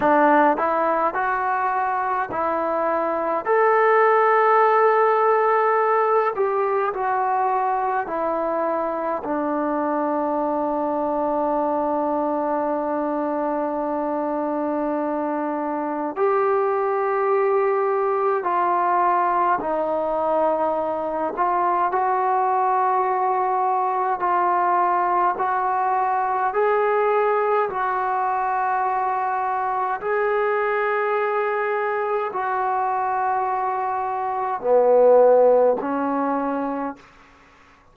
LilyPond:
\new Staff \with { instrumentName = "trombone" } { \time 4/4 \tempo 4 = 52 d'8 e'8 fis'4 e'4 a'4~ | a'4. g'8 fis'4 e'4 | d'1~ | d'2 g'2 |
f'4 dis'4. f'8 fis'4~ | fis'4 f'4 fis'4 gis'4 | fis'2 gis'2 | fis'2 b4 cis'4 | }